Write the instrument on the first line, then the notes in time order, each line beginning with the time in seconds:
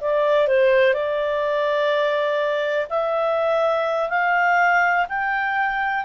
clarinet
0.00 D5
0.48 C5
0.93 D5
2.89 E5
4.09 F5
5.09 G5